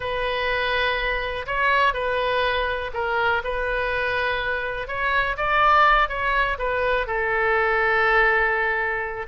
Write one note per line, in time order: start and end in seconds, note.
0.00 1.46 B4
1.46 1.93 C#5
1.93 2.91 B4
2.93 3.42 A#4
3.43 4.87 B4
4.87 5.36 C#5
5.37 6.08 D5
6.08 6.57 C#5
6.58 7.06 B4
7.06 9.26 A4